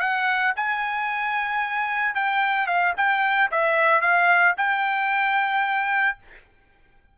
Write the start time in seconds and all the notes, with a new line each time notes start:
0.00 F#5
0.56 G#5
2.15 G5
2.67 F5
2.97 G5
3.52 E5
4.01 F5
4.57 G5